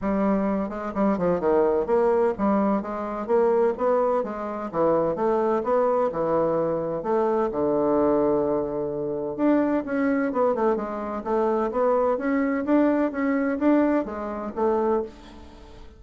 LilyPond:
\new Staff \with { instrumentName = "bassoon" } { \time 4/4 \tempo 4 = 128 g4. gis8 g8 f8 dis4 | ais4 g4 gis4 ais4 | b4 gis4 e4 a4 | b4 e2 a4 |
d1 | d'4 cis'4 b8 a8 gis4 | a4 b4 cis'4 d'4 | cis'4 d'4 gis4 a4 | }